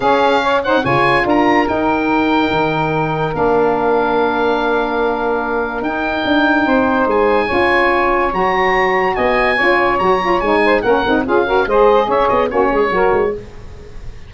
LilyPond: <<
  \new Staff \with { instrumentName = "oboe" } { \time 4/4 \tempo 4 = 144 f''4. fis''8 gis''4 ais''4 | g''1 | f''1~ | f''2 g''2~ |
g''4 gis''2. | ais''2 gis''2 | ais''4 gis''4 fis''4 f''4 | dis''4 e''8 dis''8 cis''2 | }
  \new Staff \with { instrumentName = "saxophone" } { \time 4/4 gis'4 cis''8 c''8 cis''4 ais'4~ | ais'1~ | ais'1~ | ais'1 |
c''2 cis''2~ | cis''2 dis''4 cis''4~ | cis''4. c''8 ais'4 gis'8 ais'8 | c''4 cis''4 fis'8 gis'8 ais'4 | }
  \new Staff \with { instrumentName = "saxophone" } { \time 4/4 cis'4. dis'8 f'2 | dis'1 | d'1~ | d'2 dis'2~ |
dis'2 f'2 | fis'2. f'4 | fis'8 f'8 dis'4 cis'8 dis'8 f'8 fis'8 | gis'2 cis'4 fis'4 | }
  \new Staff \with { instrumentName = "tuba" } { \time 4/4 cis'2 cis4 d'4 | dis'2 dis2 | ais1~ | ais2 dis'4 d'4 |
c'4 gis4 cis'2 | fis2 b4 cis'4 | fis4 gis4 ais8 c'8 cis'4 | gis4 cis'8 b8 ais8 gis8 fis8 gis8 | }
>>